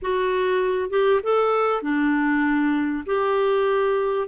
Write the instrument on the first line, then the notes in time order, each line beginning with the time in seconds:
clarinet
0.02 F#4
0.90 G4
1.23 A4
1.82 D4
3.06 G4